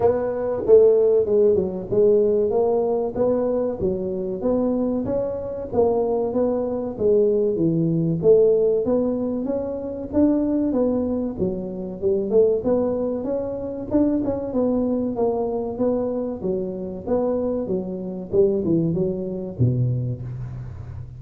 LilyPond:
\new Staff \with { instrumentName = "tuba" } { \time 4/4 \tempo 4 = 95 b4 a4 gis8 fis8 gis4 | ais4 b4 fis4 b4 | cis'4 ais4 b4 gis4 | e4 a4 b4 cis'4 |
d'4 b4 fis4 g8 a8 | b4 cis'4 d'8 cis'8 b4 | ais4 b4 fis4 b4 | fis4 g8 e8 fis4 b,4 | }